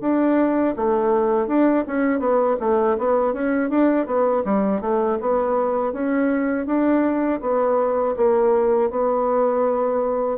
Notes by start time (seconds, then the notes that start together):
0.00 D4
0.76 A3
1.47 D4
1.87 C#4
2.19 B3
2.59 A3
2.98 B3
3.33 C#4
3.69 D4
4.06 B3
4.44 G3
4.80 A3
5.20 B3
5.92 C#4
6.66 D4
7.41 B3
8.16 A#3
8.90 B3